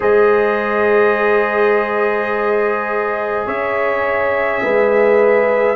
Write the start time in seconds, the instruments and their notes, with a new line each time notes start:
0.00 tuba G#3, trombone G#4, horn C5, trumpet D#5
3.45 tuba C#4, horn C#5, trumpet E5
4.62 tuba G#3, horn B4